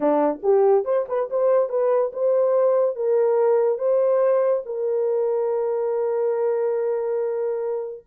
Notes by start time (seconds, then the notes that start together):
0.00 D4
0.42 G4
0.84 C5
1.08 B4
1.29 C5
1.69 B4
2.12 C5
2.95 A#4
3.78 C5
4.65 A#4